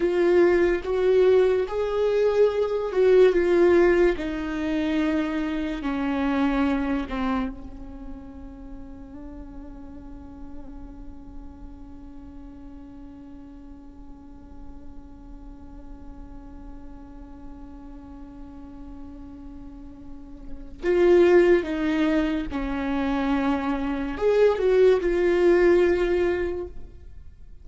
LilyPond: \new Staff \with { instrumentName = "viola" } { \time 4/4 \tempo 4 = 72 f'4 fis'4 gis'4. fis'8 | f'4 dis'2 cis'4~ | cis'8 c'8 cis'2.~ | cis'1~ |
cis'1~ | cis'1~ | cis'4 f'4 dis'4 cis'4~ | cis'4 gis'8 fis'8 f'2 | }